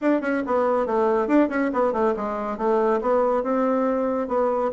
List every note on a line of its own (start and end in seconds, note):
0.01 0.21 D4
0.21 0.42 C#4
0.46 0.86 B3
0.86 1.27 A3
1.27 1.48 D4
1.49 1.70 C#4
1.73 1.92 B3
1.92 2.14 A3
2.16 2.57 G#3
2.57 3.00 A3
3.01 3.43 B3
3.43 4.28 C4
4.28 4.70 B3